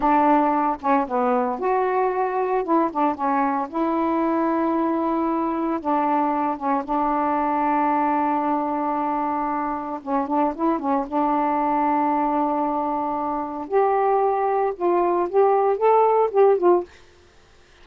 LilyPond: \new Staff \with { instrumentName = "saxophone" } { \time 4/4 \tempo 4 = 114 d'4. cis'8 b4 fis'4~ | fis'4 e'8 d'8 cis'4 e'4~ | e'2. d'4~ | d'8 cis'8 d'2.~ |
d'2. cis'8 d'8 | e'8 cis'8 d'2.~ | d'2 g'2 | f'4 g'4 a'4 g'8 f'8 | }